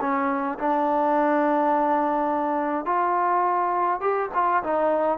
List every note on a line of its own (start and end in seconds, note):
0.00 0.58 C#4
0.58 2.85 D4
2.85 4.00 F4
4.00 4.29 G4
4.34 4.63 F4
4.63 5.18 D#4